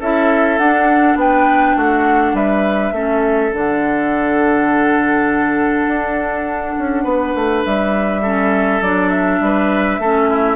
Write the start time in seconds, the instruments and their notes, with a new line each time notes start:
0.00 bassoon C#4, clarinet E4, oboe A4, flute E5
0.58 bassoon D4, clarinet D4, flute F#5
1.15 bassoon B3, oboe B4, flute G5
1.76 bassoon A3, oboe F#4, flute F#5
2.33 bassoon G3, oboe B4, flute E5
2.92 bassoon A3, clarinet C#4, oboe A4
3.51 bassoon D3, clarinet D4, flute F#5
5.87 bassoon D4
6.78 bassoon C#4
7.04 bassoon B3, oboe B4
7.35 bassoon A3
7.65 bassoon G3, flute E5
8.22 clarinet C#4, oboe A4
8.81 bassoon F#3, clarinet D4, flute D5
9.09 flute E5
9.40 bassoon G3, oboe B4
9.98 bassoon A3, clarinet C#4, oboe A4
10.29 oboe E4